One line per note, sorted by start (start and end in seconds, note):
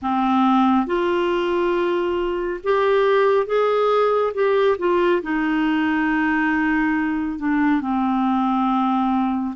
0.02 0.86 C4
0.86 2.60 F4
2.63 3.46 G4
3.46 4.33 G#4
4.34 4.77 G4
4.78 5.22 F4
5.22 7.38 D#4
7.38 7.81 D4
7.81 9.55 C4